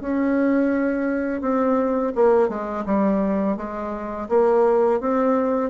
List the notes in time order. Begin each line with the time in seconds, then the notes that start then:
0.00 C#4
1.41 C4
2.15 A#3
2.48 G#3
2.85 G3
3.57 G#3
4.29 A#3
5.00 C4